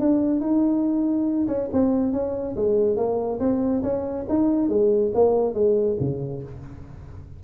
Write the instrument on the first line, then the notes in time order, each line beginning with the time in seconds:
tuba
0.00 D4
0.41 D#4
1.48 C#4
1.73 C4
2.13 C#4
2.56 G#3
2.97 A#3
3.40 C4
3.83 C#4
4.29 D#4
4.69 G#3
5.15 A#3
5.54 G#3
6.00 C#3